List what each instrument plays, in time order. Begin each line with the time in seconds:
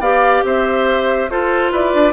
0.00 bassoon B3, clarinet G4, oboe D5, flute F5
0.44 bassoon C4, oboe C5, flute E5
1.30 clarinet F4, bassoon F4, oboe A4, flute C5
1.72 bassoon E4, oboe B4, flute D5
1.94 bassoon D4